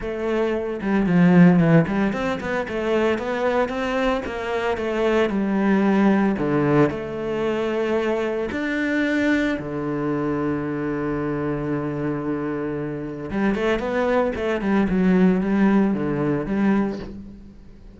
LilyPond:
\new Staff \with { instrumentName = "cello" } { \time 4/4 \tempo 4 = 113 a4. g8 f4 e8 g8 | c'8 b8 a4 b4 c'4 | ais4 a4 g2 | d4 a2. |
d'2 d2~ | d1~ | d4 g8 a8 b4 a8 g8 | fis4 g4 d4 g4 | }